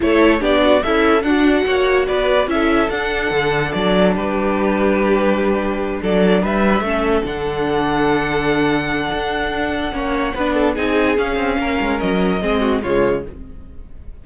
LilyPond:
<<
  \new Staff \with { instrumentName = "violin" } { \time 4/4 \tempo 4 = 145 cis''4 d''4 e''4 fis''4~ | fis''4 d''4 e''4 fis''4~ | fis''4 d''4 b'2~ | b'2~ b'8 d''4 e''8~ |
e''4. fis''2~ fis''8~ | fis''1~ | fis''2 gis''4 f''4~ | f''4 dis''2 cis''4 | }
  \new Staff \with { instrumentName = "violin" } { \time 4/4 a'4 g'8 fis'8 e'4 d'4 | cis''4 b'4 a'2~ | a'2 g'2~ | g'2~ g'8 a'4 b'8~ |
b'8 a'2.~ a'8~ | a'1 | cis''4 b'8 a'8 gis'2 | ais'2 gis'8 fis'8 f'4 | }
  \new Staff \with { instrumentName = "viola" } { \time 4/4 e'4 d'4 a'4 fis'4~ | fis'2 e'4 d'4~ | d'1~ | d'1~ |
d'8 cis'4 d'2~ d'8~ | d'1 | cis'4 d'4 dis'4 cis'4~ | cis'2 c'4 gis4 | }
  \new Staff \with { instrumentName = "cello" } { \time 4/4 a4 b4 cis'4 d'4 | ais4 b4 cis'4 d'4 | d4 fis4 g2~ | g2~ g8 fis4 g8~ |
g8 a4 d2~ d8~ | d2 d'2 | ais4 b4 c'4 cis'8 c'8 | ais8 gis8 fis4 gis4 cis4 | }
>>